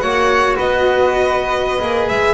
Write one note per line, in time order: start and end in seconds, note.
0.00 0.58 A#3
0.00 1.79 F#4
0.00 0.56 C#5
0.00 0.55 F#5
0.56 1.82 B3
0.56 2.34 B4
0.56 2.09 D#5
1.81 2.09 A#3
1.81 2.34 G#4
2.09 2.34 G#3
2.09 2.34 E5